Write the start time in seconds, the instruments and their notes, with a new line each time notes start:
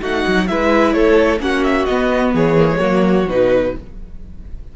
0.00 cello A3, viola D#4, violin F#4 F#5
0.27 cello F#3
0.47 cello G#3, viola E4, violin B4 E5
0.92 cello A3, violin A4 C#5
1.39 cello A#3, viola C#4, violin F#4 F#5
1.64 violin E5
1.85 cello B3, viola B3, violin D#5
2.33 cello E3, violin G#4 C#5
2.58 viola A#3
2.72 viola G#3
2.79 cello F#3, viola A#3, violin F#4
3.28 cello B2, viola D#4, violin B4